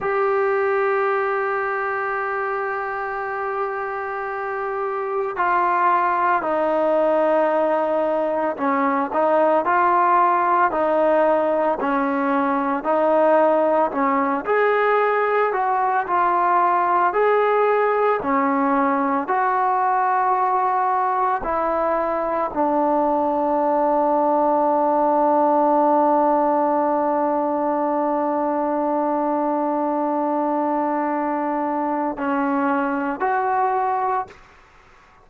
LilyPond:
\new Staff \with { instrumentName = "trombone" } { \time 4/4 \tempo 4 = 56 g'1~ | g'4 f'4 dis'2 | cis'8 dis'8 f'4 dis'4 cis'4 | dis'4 cis'8 gis'4 fis'8 f'4 |
gis'4 cis'4 fis'2 | e'4 d'2.~ | d'1~ | d'2 cis'4 fis'4 | }